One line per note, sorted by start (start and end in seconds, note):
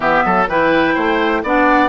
0.00 0.22 E3
0.00 0.46 B3
0.00 0.24 G4
0.00 0.46 E5
0.25 0.47 F#3
0.25 0.48 A4
0.47 0.95 E3
0.47 1.45 E4
0.47 0.94 B4
0.47 1.44 G5
0.94 1.43 A3
0.94 1.41 C5
1.43 1.88 B3
1.43 1.88 D4
1.43 1.88 D5
1.43 1.88 F#5